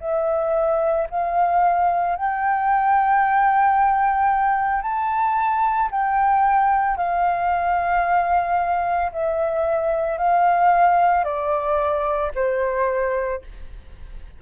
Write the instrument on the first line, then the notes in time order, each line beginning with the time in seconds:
flute
0.00 E5
1.10 F5
2.16 G5
4.82 A5
5.91 G5
6.97 F5
9.12 E5
10.18 F5
11.24 D5
12.35 C5